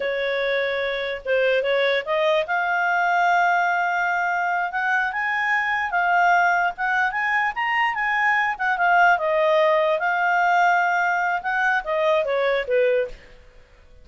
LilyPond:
\new Staff \with { instrumentName = "clarinet" } { \time 4/4 \tempo 4 = 147 cis''2. c''4 | cis''4 dis''4 f''2~ | f''2.~ f''8 fis''8~ | fis''8 gis''2 f''4.~ |
f''8 fis''4 gis''4 ais''4 gis''8~ | gis''4 fis''8 f''4 dis''4.~ | dis''8 f''2.~ f''8 | fis''4 dis''4 cis''4 b'4 | }